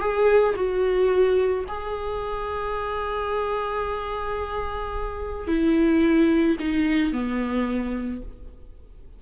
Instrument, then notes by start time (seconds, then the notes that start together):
viola
0.00 G#4
0.56 F#4
1.68 G#4
5.47 E4
6.59 D#4
7.13 B3